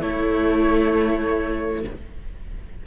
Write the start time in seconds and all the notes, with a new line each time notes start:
0.00 A3 E4 C#5